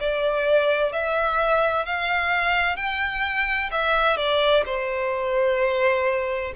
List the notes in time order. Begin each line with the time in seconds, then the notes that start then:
0.00 D5
0.92 E5
1.85 F5
2.76 G5
3.71 E5
4.16 D5
4.66 C5